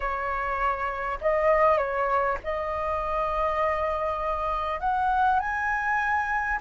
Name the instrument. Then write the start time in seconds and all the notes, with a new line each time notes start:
flute
0.00 C#5
1.21 D#5
1.77 C#5
2.43 D#5
4.79 F#5
5.39 G#5